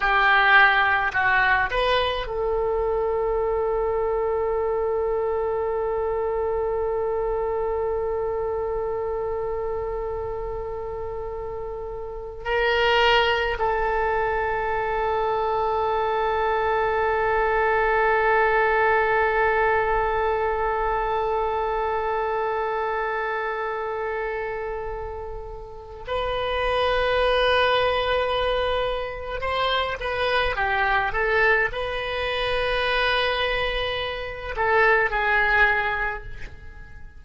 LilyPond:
\new Staff \with { instrumentName = "oboe" } { \time 4/4 \tempo 4 = 53 g'4 fis'8 b'8 a'2~ | a'1~ | a'2. ais'4 | a'1~ |
a'1~ | a'2. b'4~ | b'2 c''8 b'8 g'8 a'8 | b'2~ b'8 a'8 gis'4 | }